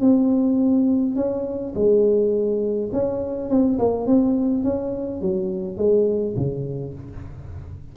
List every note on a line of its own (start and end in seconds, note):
0.00 1.15 C4
1.15 1.73 C#4
1.74 2.90 G#3
2.92 3.49 C#4
3.49 3.78 C4
3.78 4.06 A#3
4.06 4.63 C4
4.63 5.21 C#4
5.21 5.77 F#3
5.77 6.35 G#3
6.36 6.94 C#3